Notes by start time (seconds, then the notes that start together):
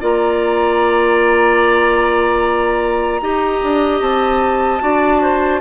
0.00 A#3 F4 D5 A#5
3.21 D#4 G4 D#5
3.63 D4
4.01 C4 A5
4.80 D4 F#4 D5
5.22 C5